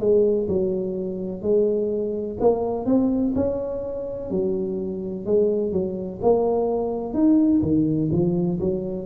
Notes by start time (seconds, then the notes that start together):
0.00 G#3
0.48 F#3
1.42 G#3
2.40 A#3
2.86 C4
3.35 C#4
4.30 F#3
5.26 G#3
5.72 F#3
6.22 A#3
7.13 D#4
7.62 D#3
8.12 F3
8.60 F#3